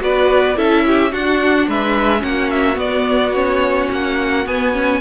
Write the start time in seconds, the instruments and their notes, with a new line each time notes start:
0.00 cello B3, viola F#4, violin B4 D5
0.56 cello C#4, viola E4, violin A4 E5
0.87 violin G4
1.12 viola D4, cello D4, violin F#4 F#5
1.68 cello G#3, violin B4 E5
2.20 cello A#3, viola C#4, violin F#4 F#5
2.51 violin E5
2.75 viola B3, cello B3, violin D5
3.34 viola C#4, violin C#5
3.91 cello A#3, violin F#5
4.46 viola B3, cello B3, violin G#5
4.74 viola C#4